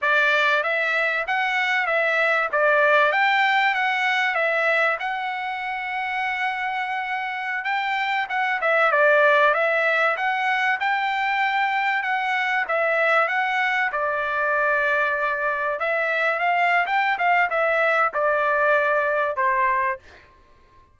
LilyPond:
\new Staff \with { instrumentName = "trumpet" } { \time 4/4 \tempo 4 = 96 d''4 e''4 fis''4 e''4 | d''4 g''4 fis''4 e''4 | fis''1~ | fis''16 g''4 fis''8 e''8 d''4 e''8.~ |
e''16 fis''4 g''2 fis''8.~ | fis''16 e''4 fis''4 d''4.~ d''16~ | d''4~ d''16 e''4 f''8. g''8 f''8 | e''4 d''2 c''4 | }